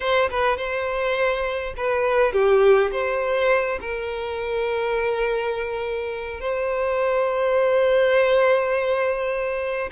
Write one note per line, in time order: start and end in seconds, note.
0.00 0.29 C5
0.30 0.57 B4
0.57 1.73 C5
1.77 2.32 B4
2.32 2.90 G4
2.91 3.79 C5
3.80 6.40 A#4
6.40 9.90 C5